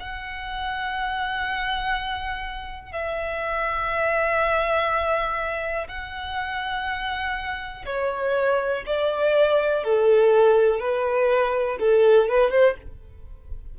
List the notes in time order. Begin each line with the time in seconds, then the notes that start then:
0.00 F#5
2.92 E5
5.89 F#5
7.86 C#5
8.86 D5
9.84 A4
10.80 B4
11.80 A4
12.29 B4
12.51 C5